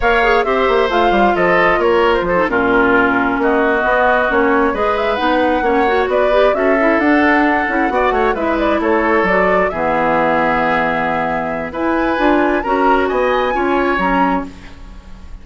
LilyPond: <<
  \new Staff \with { instrumentName = "flute" } { \time 4/4 \tempo 4 = 133 f''4 e''4 f''4 dis''4 | cis''8. c''8. ais'2 dis''8~ | dis''4. cis''4 dis''8 e''8 fis''8~ | fis''4. d''4 e''4 fis''8~ |
fis''2~ fis''8 e''8 d''8 cis''8~ | cis''8 d''4 e''2~ e''8~ | e''2 gis''2 | ais''4 gis''2 ais''4 | }
  \new Staff \with { instrumentName = "oboe" } { \time 4/4 cis''4 c''2 a'4 | ais'4 a'8 f'2 fis'8~ | fis'2~ fis'8 b'4.~ | b'8 cis''4 b'4 a'4.~ |
a'4. d''8 cis''8 b'4 a'8~ | a'4. gis'2~ gis'8~ | gis'2 b'2 | ais'4 dis''4 cis''2 | }
  \new Staff \with { instrumentName = "clarinet" } { \time 4/4 ais'8 gis'8 g'4 f'2~ | f'4~ f'16 dis'16 cis'2~ cis'8~ | cis'8 b4 cis'4 gis'4 dis'8~ | dis'8 cis'8 fis'4 g'8 fis'8 e'8 d'8~ |
d'4 e'8 fis'4 e'4.~ | e'8 fis'4 b2~ b8~ | b2 e'4 f'4 | fis'2 f'4 cis'4 | }
  \new Staff \with { instrumentName = "bassoon" } { \time 4/4 ais4 c'8 ais8 a8 g8 f4 | ais4 f8 ais,2 ais8~ | ais8 b4 ais4 gis4 b8~ | b8 ais4 b4 cis'4 d'8~ |
d'4 cis'8 b8 a8 gis4 a8~ | a8 fis4 e2~ e8~ | e2 e'4 d'4 | cis'4 b4 cis'4 fis4 | }
>>